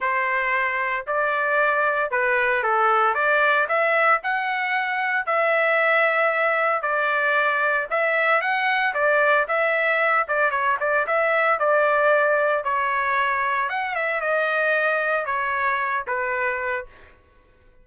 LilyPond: \new Staff \with { instrumentName = "trumpet" } { \time 4/4 \tempo 4 = 114 c''2 d''2 | b'4 a'4 d''4 e''4 | fis''2 e''2~ | e''4 d''2 e''4 |
fis''4 d''4 e''4. d''8 | cis''8 d''8 e''4 d''2 | cis''2 fis''8 e''8 dis''4~ | dis''4 cis''4. b'4. | }